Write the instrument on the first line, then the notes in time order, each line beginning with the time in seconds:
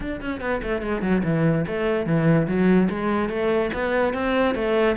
cello
0.00 D4
0.21 C#4
0.40 B3
0.63 A3
0.81 G#3
1.01 F#3
1.24 E3
1.67 A3
2.05 E3
2.47 F#3
2.89 G#3
3.29 A3
3.73 B3
4.13 C4
4.54 A3